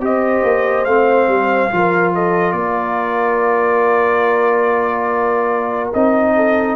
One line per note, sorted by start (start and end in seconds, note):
0.00 0.42 C4
0.00 0.85 G4
0.00 1.74 C5
0.00 0.85 D#5
0.43 0.85 A#3
0.85 1.28 A3
0.85 1.70 C4
0.85 2.11 F5
1.28 1.70 G3
1.70 2.52 F3
1.70 5.93 F4
1.70 2.14 A#4
2.14 2.55 A4
2.14 2.52 D#5
2.52 5.90 A#3
2.52 6.35 A#4
2.52 5.90 D5
5.93 6.76 C4
5.93 6.76 D#4
5.93 6.76 D#5
6.35 6.76 A4